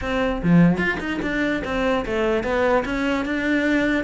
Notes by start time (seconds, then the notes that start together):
0.01 C4
0.42 F3
0.77 F4
0.99 D#4
1.22 D4
1.64 C4
2.05 A3
2.43 B3
2.85 C#4
3.25 D4